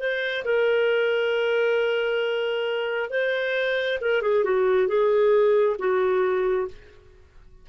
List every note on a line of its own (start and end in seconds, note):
0.00 0.44 C5
0.45 3.10 A#4
3.10 3.99 C5
4.02 4.22 A#4
4.22 4.45 G#4
4.45 4.88 F#4
4.88 5.77 G#4
5.79 6.68 F#4